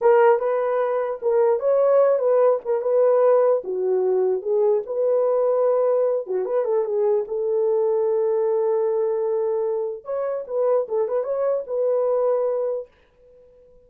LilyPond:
\new Staff \with { instrumentName = "horn" } { \time 4/4 \tempo 4 = 149 ais'4 b'2 ais'4 | cis''4. b'4 ais'8 b'4~ | b'4 fis'2 gis'4 | b'2.~ b'8 fis'8 |
b'8 a'8 gis'4 a'2~ | a'1~ | a'4 cis''4 b'4 a'8 b'8 | cis''4 b'2. | }